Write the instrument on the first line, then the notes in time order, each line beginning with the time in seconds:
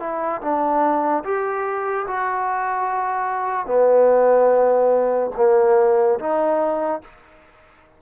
trombone
0.00 E4
0.41 D4
1.24 G4
2.07 F#4
3.67 B3
5.37 A#3
6.19 D#4